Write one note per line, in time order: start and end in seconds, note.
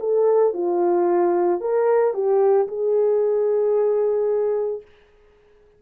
0.00 0.54 A4
0.54 1.61 F4
1.61 2.14 A#4
2.14 2.68 G4
2.68 4.82 G#4